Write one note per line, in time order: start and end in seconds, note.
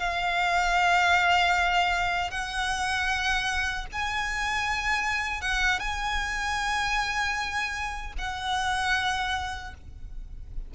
0.00 2.31 F5
2.31 3.87 F#5
3.93 5.42 G#5
5.42 5.80 F#5
5.80 8.14 G#5
8.19 9.74 F#5